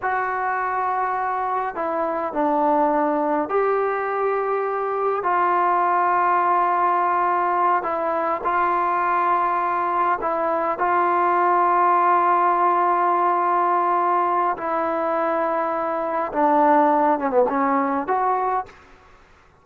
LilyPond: \new Staff \with { instrumentName = "trombone" } { \time 4/4 \tempo 4 = 103 fis'2. e'4 | d'2 g'2~ | g'4 f'2.~ | f'4. e'4 f'4.~ |
f'4. e'4 f'4.~ | f'1~ | f'4 e'2. | d'4. cis'16 b16 cis'4 fis'4 | }